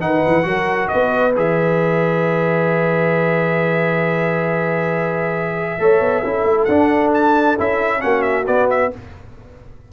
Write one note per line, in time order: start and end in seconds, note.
0.00 0.23 D#3
0.00 0.43 D#4
0.00 0.48 B4
0.00 0.88 F#5
0.27 0.45 E3
0.43 0.90 F#3
0.43 1.32 F#4
0.43 0.90 A#4
0.88 1.36 B3
0.88 5.79 B4
0.88 1.33 D#5
1.36 5.79 E3
1.36 5.79 G#4
1.36 6.65 E5
5.79 6.01 A3
5.79 6.24 A4
5.79 6.22 C#5
6.01 6.23 B3
6.22 6.45 C#4
6.22 6.69 E4
6.22 8.00 A4
6.45 6.67 A3
6.65 7.58 D4
6.65 7.09 F#5
7.14 7.58 A5
7.58 8.04 C#4
7.58 8.00 E4
7.58 8.02 E5
8.00 8.48 A#3
8.00 8.44 C#4
8.00 8.92 F#4
8.00 8.22 F#5
8.22 8.45 E5
8.47 8.91 B3
8.47 8.92 B3
8.47 8.69 D5
8.70 8.93 E5